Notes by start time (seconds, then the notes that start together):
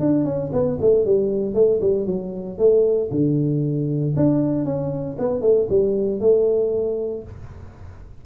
0.00 D4
0.25 C#4
0.53 B3
0.81 A3
1.06 G3
1.54 A3
1.81 G3
2.07 F#3
2.58 A3
3.11 D3
4.17 D4
4.65 C#4
5.19 B3
5.42 A3
5.70 G3
6.20 A3